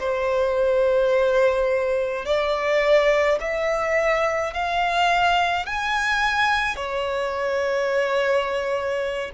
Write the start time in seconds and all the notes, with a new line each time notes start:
0.00 C5
2.25 D5
3.41 E5
4.54 F5
5.66 G#5
6.76 C#5